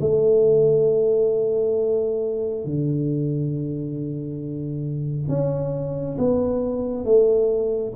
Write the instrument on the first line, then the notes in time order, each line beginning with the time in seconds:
tuba
0.00 A3
2.65 D3
5.28 C#4
6.18 B3
7.04 A3